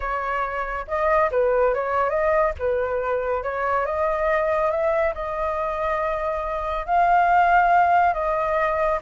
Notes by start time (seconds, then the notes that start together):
0.00 C#5
0.87 D#5
1.31 B4
1.74 C#5
2.09 D#5
2.58 B4
3.43 C#5
3.85 D#5
4.70 E5
5.14 D#5
6.86 F5
8.13 D#5